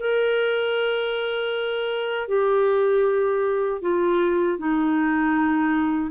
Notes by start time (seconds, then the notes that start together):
0.00 A#4
2.29 G4
3.82 F4
4.59 D#4